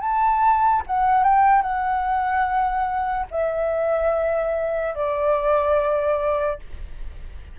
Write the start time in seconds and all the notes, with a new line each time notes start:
0.00 A5
0.86 F#5
1.23 G5
1.62 F#5
3.31 E5
4.94 D5